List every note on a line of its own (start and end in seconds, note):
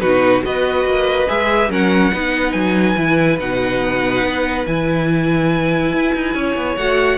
0.00 0.43 B2
0.00 0.43 D#4
0.00 0.43 F#4
0.00 0.42 B4
0.43 0.85 B3
0.43 1.27 F#4
0.43 1.70 B4
0.43 1.29 D#5
0.85 1.27 A#3
1.28 1.69 G#3
1.28 1.70 G#4
1.28 1.71 E5
1.69 2.12 F#3
1.69 2.12 C#4
1.69 2.12 A#4
1.69 2.52 F#5
2.13 2.54 B3
2.13 2.97 D#4
2.13 6.35 B4
2.52 2.96 F#3
2.52 3.37 G#5
2.97 3.39 E3
2.97 3.39 E4
3.40 4.23 B2
3.40 4.67 D#4
3.40 4.66 F#5
4.23 4.66 B3
4.67 5.93 E3
4.67 6.78 E4
4.67 6.77 G#5
5.93 6.14 E4
6.14 6.35 D#4
6.35 6.56 C#4
6.35 7.18 C#5
6.56 6.77 B3
6.77 7.18 A3
6.77 7.18 F#4
6.77 7.18 F#5